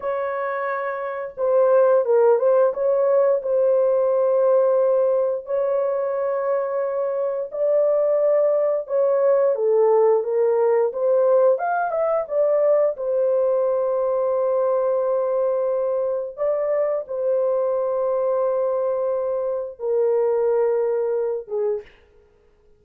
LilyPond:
\new Staff \with { instrumentName = "horn" } { \time 4/4 \tempo 4 = 88 cis''2 c''4 ais'8 c''8 | cis''4 c''2. | cis''2. d''4~ | d''4 cis''4 a'4 ais'4 |
c''4 f''8 e''8 d''4 c''4~ | c''1 | d''4 c''2.~ | c''4 ais'2~ ais'8 gis'8 | }